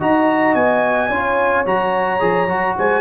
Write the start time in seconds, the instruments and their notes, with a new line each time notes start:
0.00 tuba D#4, trombone F#4, horn D#5, trumpet A#5
0.55 tuba B3, trumpet G#5
1.10 tuba C#4, trombone F4, horn C#5
1.66 tuba F#3, trombone F#4, trumpet A#5
2.20 tuba F3, trombone G#4
2.48 tuba F#3, trombone F#4
2.78 tuba G#3, horn C5, trumpet G#5